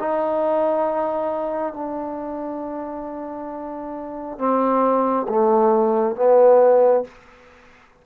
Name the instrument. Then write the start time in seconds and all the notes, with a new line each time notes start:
trombone
0.00 D#4
1.74 D4
4.39 C4
5.29 A3
6.16 B3